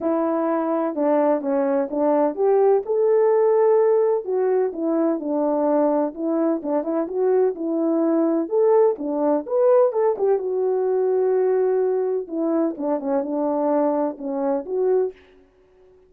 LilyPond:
\new Staff \with { instrumentName = "horn" } { \time 4/4 \tempo 4 = 127 e'2 d'4 cis'4 | d'4 g'4 a'2~ | a'4 fis'4 e'4 d'4~ | d'4 e'4 d'8 e'8 fis'4 |
e'2 a'4 d'4 | b'4 a'8 g'8 fis'2~ | fis'2 e'4 d'8 cis'8 | d'2 cis'4 fis'4 | }